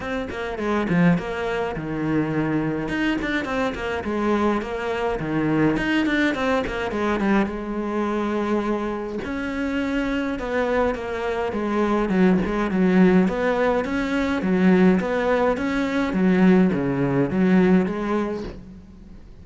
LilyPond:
\new Staff \with { instrumentName = "cello" } { \time 4/4 \tempo 4 = 104 c'8 ais8 gis8 f8 ais4 dis4~ | dis4 dis'8 d'8 c'8 ais8 gis4 | ais4 dis4 dis'8 d'8 c'8 ais8 | gis8 g8 gis2. |
cis'2 b4 ais4 | gis4 fis8 gis8 fis4 b4 | cis'4 fis4 b4 cis'4 | fis4 cis4 fis4 gis4 | }